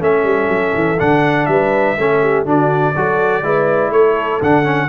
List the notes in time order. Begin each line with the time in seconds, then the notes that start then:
0.00 A3 C#4 A4 E5
0.24 G3
0.49 F#3
0.75 E3
0.99 D3 D4 F#5
1.46 G3 B4 E5
1.98 A3 C#4 A4
2.22 G4
2.45 D3 D4 F#4 D5
2.95 F#3 F#4 A4
3.43 G#3 E4 B4
3.90 A3 A4 C#5
4.42 D3 D4 F#5
4.64 C#4